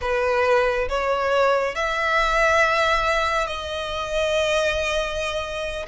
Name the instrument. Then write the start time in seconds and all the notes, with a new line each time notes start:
violin
0.01 B4
0.89 C#5
1.75 E5
3.46 D#5